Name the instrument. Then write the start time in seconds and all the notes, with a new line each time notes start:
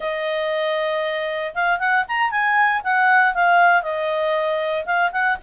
clarinet
0.00 D#5
1.54 F5
1.79 F#5
2.07 A#5
2.31 G#5
2.83 F#5
3.34 F5
3.82 D#5
4.85 F5
5.12 F#5